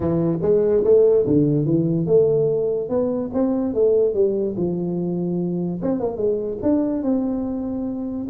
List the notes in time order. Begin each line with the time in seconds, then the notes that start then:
0.00 E3
0.42 G#3
0.84 A3
1.26 D3
1.65 E3
2.06 A3
2.89 B3
3.33 C4
3.74 A3
4.14 G3
4.56 F3
5.81 C4
6.00 A#3
6.16 G#3
6.62 D4
7.03 C4